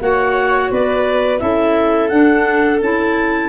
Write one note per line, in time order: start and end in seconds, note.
0.00 0.70 A#3
0.00 1.39 F#4
0.00 0.71 C#5
0.00 0.71 F#5
0.71 1.41 B3
0.71 1.41 B4
0.71 1.39 D5
1.39 2.11 C#4
1.39 2.09 E4
1.39 3.49 A4
1.39 2.08 E5
2.08 2.80 D4
2.08 2.78 F#5
2.80 3.49 C#4
2.80 3.49 E4
2.80 3.49 A5